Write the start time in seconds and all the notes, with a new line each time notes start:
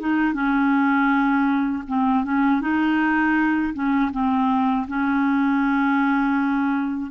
0.00 D#4
0.34 C#4
1.88 C4
2.24 C#4
2.61 D#4
3.74 C#4
4.12 C4
4.88 C#4